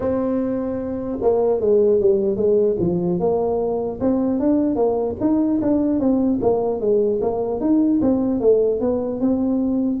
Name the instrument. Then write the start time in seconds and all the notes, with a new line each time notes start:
tuba
0.00 C4
1.21 A#3
1.60 G#3
2.00 G3
2.36 G#3
2.79 F3
3.19 A#3
4.00 C4
4.39 D4
4.75 A#3
5.20 D#4
5.61 D4
5.99 C4
6.41 A#3
6.80 G#3
7.21 A#3
7.60 D#4
8.01 C4
8.40 A3
8.80 B3
9.20 C4